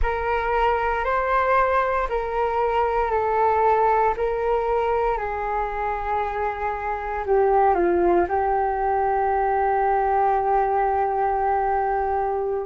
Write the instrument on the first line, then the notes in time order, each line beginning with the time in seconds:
flute
0.02 A#4
1.04 C5
2.09 A#4
3.10 A4
4.17 A#4
5.17 G#4
7.26 G4
7.74 F4
8.28 G4